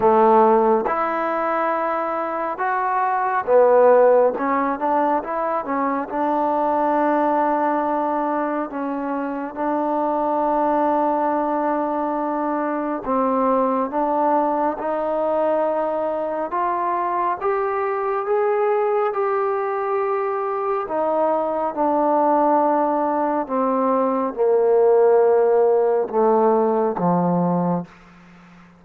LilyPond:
\new Staff \with { instrumentName = "trombone" } { \time 4/4 \tempo 4 = 69 a4 e'2 fis'4 | b4 cis'8 d'8 e'8 cis'8 d'4~ | d'2 cis'4 d'4~ | d'2. c'4 |
d'4 dis'2 f'4 | g'4 gis'4 g'2 | dis'4 d'2 c'4 | ais2 a4 f4 | }